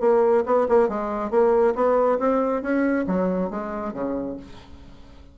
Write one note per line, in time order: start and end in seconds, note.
0.00 0.43 A#3
0.45 0.67 B3
0.68 0.88 A#3
0.88 1.30 G#3
1.30 1.74 A#3
1.75 2.18 B3
2.19 2.62 C4
2.62 3.05 C#4
3.07 3.50 F#3
3.50 3.93 G#3
3.93 4.36 C#3